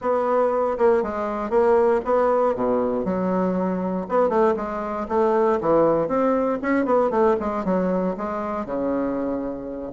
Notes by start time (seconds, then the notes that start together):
0.01 B3
0.78 A#3
1.03 G#3
1.50 A#3
2.05 B3
2.55 B2
3.04 F#3
4.08 B3
4.29 A3
4.56 G#3
5.08 A3
5.60 E3
6.08 C4
6.62 C#4
6.85 B3
7.10 A3
7.40 G#3
7.65 F#3
8.17 G#3
8.65 C#3